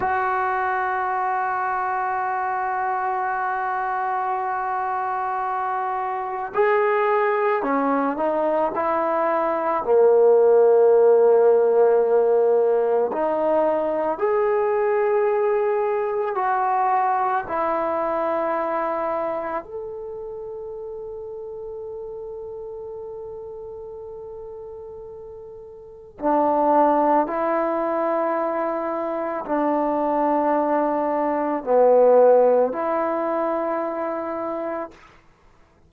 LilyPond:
\new Staff \with { instrumentName = "trombone" } { \time 4/4 \tempo 4 = 55 fis'1~ | fis'2 gis'4 cis'8 dis'8 | e'4 ais2. | dis'4 gis'2 fis'4 |
e'2 a'2~ | a'1 | d'4 e'2 d'4~ | d'4 b4 e'2 | }